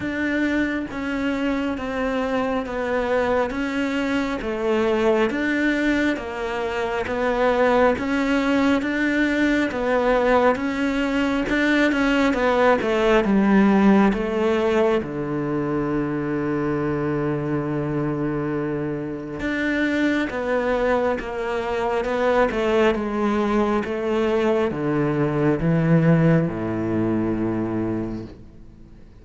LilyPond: \new Staff \with { instrumentName = "cello" } { \time 4/4 \tempo 4 = 68 d'4 cis'4 c'4 b4 | cis'4 a4 d'4 ais4 | b4 cis'4 d'4 b4 | cis'4 d'8 cis'8 b8 a8 g4 |
a4 d2.~ | d2 d'4 b4 | ais4 b8 a8 gis4 a4 | d4 e4 a,2 | }